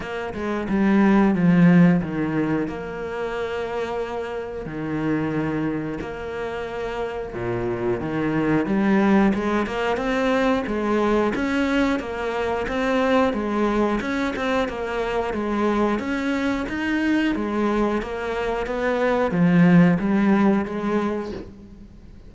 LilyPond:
\new Staff \with { instrumentName = "cello" } { \time 4/4 \tempo 4 = 90 ais8 gis8 g4 f4 dis4 | ais2. dis4~ | dis4 ais2 ais,4 | dis4 g4 gis8 ais8 c'4 |
gis4 cis'4 ais4 c'4 | gis4 cis'8 c'8 ais4 gis4 | cis'4 dis'4 gis4 ais4 | b4 f4 g4 gis4 | }